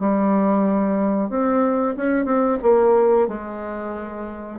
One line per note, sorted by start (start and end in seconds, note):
0.00 1.30 G3
1.30 1.96 C4
1.97 2.25 C#4
2.25 2.58 C4
2.63 3.28 A#3
3.28 4.59 G#3